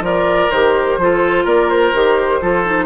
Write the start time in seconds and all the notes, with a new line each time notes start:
0.00 F3 F4 A#4 D5
0.50 D#3 G4 C5
0.97 F3 F4 A4
1.44 A#3 A#4 D5
1.69 C5
1.94 D#3 G4
2.41 F3 F4 A4
2.65 D#4